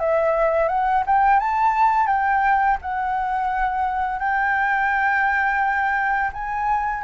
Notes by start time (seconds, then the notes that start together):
0.00 E5
0.69 F#5
1.07 G5
1.40 A5
2.07 G5
2.82 F#5
4.19 G5
6.33 G#5